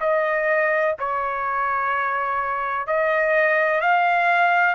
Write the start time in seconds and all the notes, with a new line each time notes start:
0.00 D#5
0.99 C#5
2.87 D#5
3.81 F5